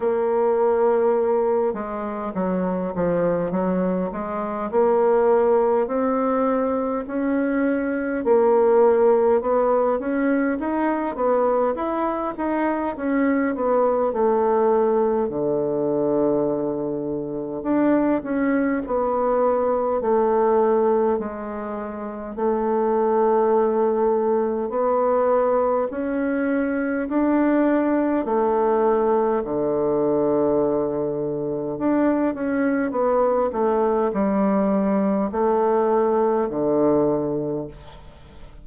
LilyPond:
\new Staff \with { instrumentName = "bassoon" } { \time 4/4 \tempo 4 = 51 ais4. gis8 fis8 f8 fis8 gis8 | ais4 c'4 cis'4 ais4 | b8 cis'8 dis'8 b8 e'8 dis'8 cis'8 b8 | a4 d2 d'8 cis'8 |
b4 a4 gis4 a4~ | a4 b4 cis'4 d'4 | a4 d2 d'8 cis'8 | b8 a8 g4 a4 d4 | }